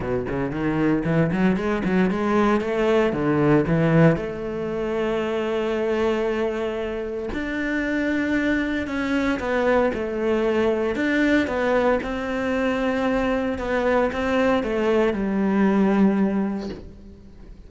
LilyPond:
\new Staff \with { instrumentName = "cello" } { \time 4/4 \tempo 4 = 115 b,8 cis8 dis4 e8 fis8 gis8 fis8 | gis4 a4 d4 e4 | a1~ | a2 d'2~ |
d'4 cis'4 b4 a4~ | a4 d'4 b4 c'4~ | c'2 b4 c'4 | a4 g2. | }